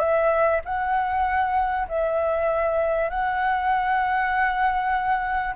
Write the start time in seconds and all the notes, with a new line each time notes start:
0.00 E5
0.65 F#5
1.89 E5
3.10 F#5